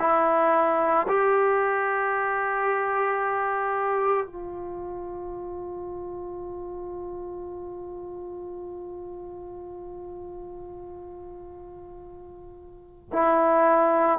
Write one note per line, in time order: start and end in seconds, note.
0.00 1.07 E4
1.09 4.27 G4
4.27 13.11 F4
13.13 14.19 E4